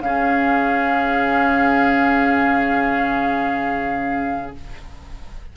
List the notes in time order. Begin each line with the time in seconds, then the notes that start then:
0.00 C#3 C#4 G#4 F5